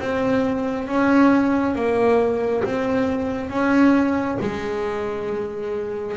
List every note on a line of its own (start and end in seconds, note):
0.00 0.88 C4
0.88 1.76 C#4
1.76 2.64 A#3
2.65 3.50 C4
3.50 4.38 C#4
4.42 6.17 G#3